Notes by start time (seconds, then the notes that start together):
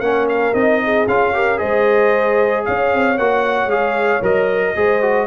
0.00 A#3 C#4 A#4 F#5
0.29 F5
0.54 C4 D#4 D#5
0.84 G#4
1.07 C#4 F4 F5
1.33 G4 A#4
1.58 G#3 G#4 C5 D#5
2.65 C#4 C#5 F5
2.93 C4
3.18 A#3 F#4 F#5
3.66 G#3 G#4 F5
4.21 F#3 A#4 D#5
4.76 G#3 G#4 C5
5.02 F#4